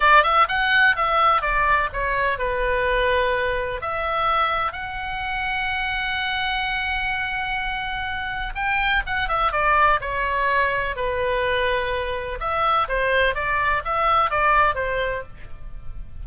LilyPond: \new Staff \with { instrumentName = "oboe" } { \time 4/4 \tempo 4 = 126 d''8 e''8 fis''4 e''4 d''4 | cis''4 b'2. | e''2 fis''2~ | fis''1~ |
fis''2 g''4 fis''8 e''8 | d''4 cis''2 b'4~ | b'2 e''4 c''4 | d''4 e''4 d''4 c''4 | }